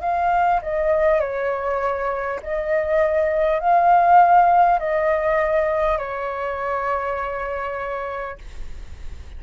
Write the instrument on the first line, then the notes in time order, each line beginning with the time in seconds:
flute
0.00 F5
0.62 D#5
1.20 C#5
2.42 D#5
3.59 F5
4.79 D#5
5.97 C#5